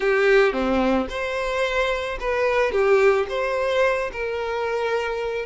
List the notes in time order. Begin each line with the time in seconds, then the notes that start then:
0.00 G4
0.52 C4
1.09 C5
2.19 B4
2.71 G4
3.29 C5
4.12 A#4